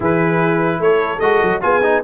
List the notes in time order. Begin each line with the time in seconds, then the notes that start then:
0.00 E3 E4 G#4 B4
0.79 A3 A4 C#5
1.19 G#3 F#4 D#5
1.42 F#3
1.61 B3 F4 G#4 G#5
1.83 D#4